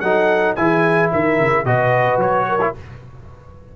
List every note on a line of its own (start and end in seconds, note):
0.00 0.56 F#3
0.00 0.57 D#4
0.00 0.56 A4
0.00 0.54 F#5
0.55 1.11 E3
0.55 1.65 E4
0.55 1.11 G#4
0.55 1.09 G#5
1.11 1.39 D#3
1.11 1.66 A#4
1.11 1.65 E5
1.39 1.64 C#3
1.64 2.17 B2
1.64 2.60 F#4
1.64 2.47 B4
1.64 2.19 D#5
2.17 2.71 F#3
2.17 2.74 C#5
2.48 2.75 A#4
2.60 2.74 E4